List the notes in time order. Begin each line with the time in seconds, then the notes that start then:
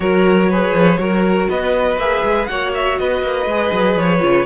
0.00 F#3 F#4 A#4 C#5
0.49 G#4 B4
0.72 F3
0.98 F#3 F#4 A#4
1.49 B3 B4 D#5
1.96 A#3 G#4 E5
2.23 G#3
2.45 A#3 F#4 C#5 F#5
2.74 E5
2.98 B3 B4 D#5
3.22 A#3
3.46 G#3 G#4
3.72 F#3
3.96 F3 C#5
4.19 C#3 F4